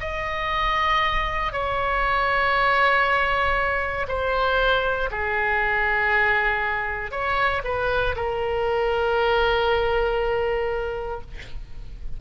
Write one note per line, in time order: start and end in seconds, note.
0.00 1.53 D#5
1.53 4.07 C#5
4.08 5.09 C5
5.11 7.11 G#4
7.11 7.62 C#5
7.64 8.15 B4
8.16 11.21 A#4